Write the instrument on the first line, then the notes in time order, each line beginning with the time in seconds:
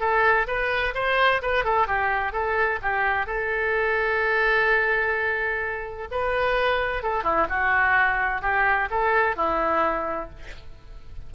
oboe
0.00 A4
0.47 B4
0.95 C5
1.42 B4
1.64 A4
1.87 G4
2.32 A4
2.82 G4
3.27 A4
6.11 B4
7.03 A4
7.23 E4
7.49 F#4
8.42 G4
8.91 A4
9.36 E4